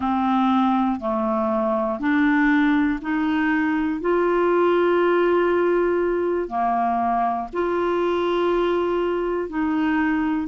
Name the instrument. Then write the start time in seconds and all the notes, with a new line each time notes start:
clarinet
0.00 C4
1.00 A3
2.00 D4
3.01 D#4
4.00 F4
6.48 A#3
7.52 F4
9.49 D#4